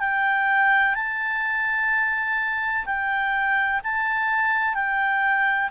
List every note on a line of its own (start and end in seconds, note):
0.00 0.95 G5
0.95 2.85 A5
2.86 3.81 G5
3.84 4.74 A5
4.74 5.70 G5